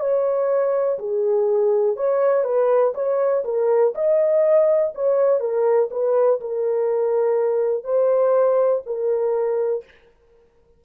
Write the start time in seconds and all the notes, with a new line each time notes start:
0.00 C#5
0.99 G#4
1.97 C#5
2.44 B4
2.95 C#5
3.45 A#4
3.95 D#5
4.95 C#5
5.40 A#4
5.91 B4
6.40 A#4
7.84 C5
8.86 A#4